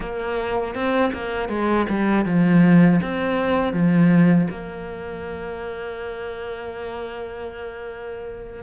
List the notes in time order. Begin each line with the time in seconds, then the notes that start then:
0.00 A#3
0.74 C4
1.13 A#3
1.48 G#3
1.89 G3
2.25 F3
3.02 C4
3.73 F3
4.50 A#3